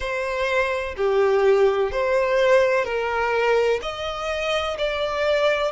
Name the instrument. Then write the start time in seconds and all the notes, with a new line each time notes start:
violin
0.00 C5
0.97 G4
1.91 C5
2.84 A#4
3.82 D#5
4.77 D5